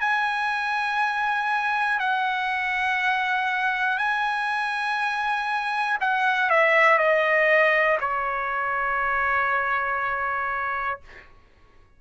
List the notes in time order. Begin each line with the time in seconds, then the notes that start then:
0.00 G#5
1.99 F#5
3.97 G#5
6.00 F#5
6.49 E5
6.98 D#5
8.00 C#5